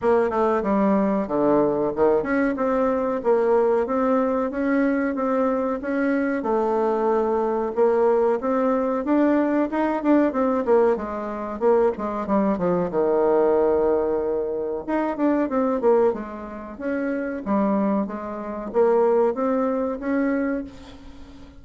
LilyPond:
\new Staff \with { instrumentName = "bassoon" } { \time 4/4 \tempo 4 = 93 ais8 a8 g4 d4 dis8 cis'8 | c'4 ais4 c'4 cis'4 | c'4 cis'4 a2 | ais4 c'4 d'4 dis'8 d'8 |
c'8 ais8 gis4 ais8 gis8 g8 f8 | dis2. dis'8 d'8 | c'8 ais8 gis4 cis'4 g4 | gis4 ais4 c'4 cis'4 | }